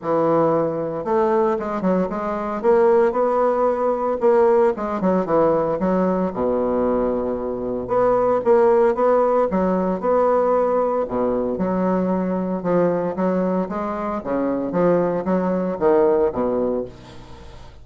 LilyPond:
\new Staff \with { instrumentName = "bassoon" } { \time 4/4 \tempo 4 = 114 e2 a4 gis8 fis8 | gis4 ais4 b2 | ais4 gis8 fis8 e4 fis4 | b,2. b4 |
ais4 b4 fis4 b4~ | b4 b,4 fis2 | f4 fis4 gis4 cis4 | f4 fis4 dis4 b,4 | }